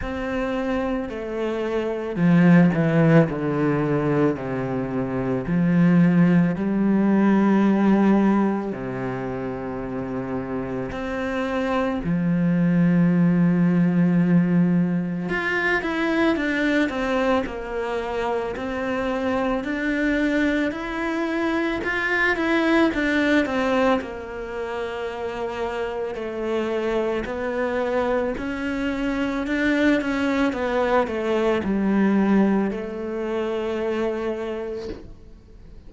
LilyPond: \new Staff \with { instrumentName = "cello" } { \time 4/4 \tempo 4 = 55 c'4 a4 f8 e8 d4 | c4 f4 g2 | c2 c'4 f4~ | f2 f'8 e'8 d'8 c'8 |
ais4 c'4 d'4 e'4 | f'8 e'8 d'8 c'8 ais2 | a4 b4 cis'4 d'8 cis'8 | b8 a8 g4 a2 | }